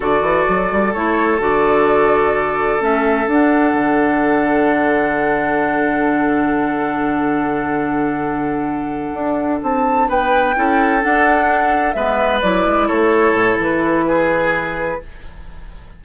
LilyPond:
<<
  \new Staff \with { instrumentName = "flute" } { \time 4/4 \tempo 4 = 128 d''2 cis''4 d''4~ | d''2 e''4 fis''4~ | fis''1~ | fis''1~ |
fis''1~ | fis''8 a''4 g''2 fis''8~ | fis''4. e''4 d''4 cis''8~ | cis''4 b'2. | }
  \new Staff \with { instrumentName = "oboe" } { \time 4/4 a'1~ | a'1~ | a'1~ | a'1~ |
a'1~ | a'4. b'4 a'4.~ | a'4. b'2 a'8~ | a'2 gis'2 | }
  \new Staff \with { instrumentName = "clarinet" } { \time 4/4 fis'2 e'4 fis'4~ | fis'2 cis'4 d'4~ | d'1~ | d'1~ |
d'1~ | d'2~ d'8 e'4 d'8~ | d'4. b4 e'4.~ | e'1 | }
  \new Staff \with { instrumentName = "bassoon" } { \time 4/4 d8 e8 fis8 g8 a4 d4~ | d2 a4 d'4 | d1~ | d1~ |
d2.~ d8 d'8~ | d'8 c'4 b4 cis'4 d'8~ | d'4. gis4 fis8 gis8 a8~ | a8 a,8 e2. | }
>>